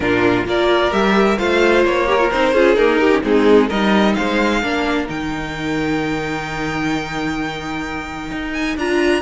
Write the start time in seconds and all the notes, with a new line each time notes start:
0.00 A#2 D4 F4 A#4
0.45 A#3 F4 A#4 D5
0.91 G3 G4 E5
1.38 A3 F4 C5 F5
1.84 A#3 C#5
2.07 G4 A#4
2.19 F4
2.30 C4 D#4 C5
2.52 C#4 F4 G#4
2.74 A#3 D#4 A#4
2.96 D#4 G4
3.10 C#4
3.22 G#3 C4 D#4 G#4
3.67 G3 D#4 A#4 D#5
4.14 G#3 C5 F5
4.62 A#3 D4 A#4
5.07 D#3 D#4 G5
8.31 D#4
8.52 G#5
8.76 D4 F4 A#5